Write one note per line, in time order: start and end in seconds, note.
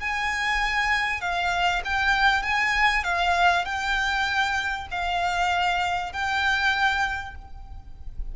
0.00 1.21 G#5
1.21 1.82 F5
1.85 2.43 G5
2.43 3.04 G#5
3.04 3.65 F5
3.65 4.88 G5
4.91 6.13 F5
6.13 7.35 G5